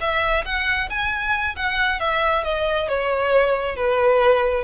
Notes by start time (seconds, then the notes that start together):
0.00 E5
0.45 F#5
0.89 G#5
1.56 F#5
2.00 E5
2.44 D#5
2.88 C#5
3.75 B4